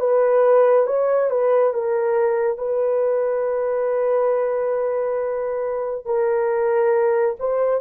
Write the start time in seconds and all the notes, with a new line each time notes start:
0.00 B4
0.87 C#5
1.31 B4
1.74 A#4
2.58 B4
6.06 A#4
7.40 C5